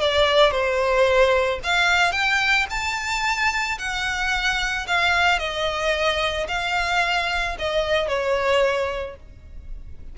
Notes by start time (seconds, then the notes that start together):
0.00 D5
0.51 C5
1.63 F5
2.12 G5
2.69 A5
3.78 F#5
4.87 F5
5.38 D#5
6.48 F5
7.58 D#5
8.08 C#5